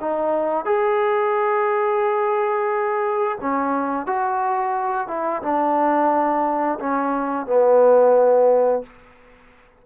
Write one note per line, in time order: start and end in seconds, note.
0.00 0.65 D#4
0.65 3.38 G#4
3.40 4.06 C#4
4.06 5.07 F#4
5.07 5.41 E4
5.42 6.79 D4
6.79 7.46 C#4
7.46 8.83 B3